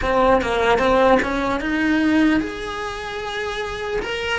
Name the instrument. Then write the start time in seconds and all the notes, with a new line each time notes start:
cello
0.02 C4
0.41 A#3
0.78 C4
1.22 C#4
1.60 D#4
2.40 G#4
4.01 A#4